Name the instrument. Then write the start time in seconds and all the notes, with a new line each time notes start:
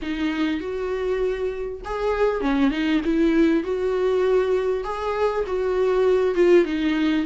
viola
0.02 D#4
0.60 F#4
1.84 G#4
2.40 C#4
2.70 D#4
3.04 E4
3.63 F#4
4.83 G#4
5.47 F#4
6.35 F4
6.64 D#4